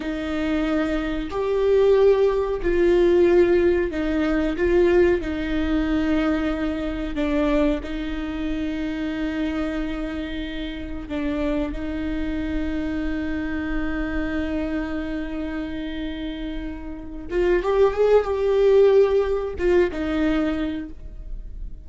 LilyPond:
\new Staff \with { instrumentName = "viola" } { \time 4/4 \tempo 4 = 92 dis'2 g'2 | f'2 dis'4 f'4 | dis'2. d'4 | dis'1~ |
dis'4 d'4 dis'2~ | dis'1~ | dis'2~ dis'8 f'8 g'8 gis'8 | g'2 f'8 dis'4. | }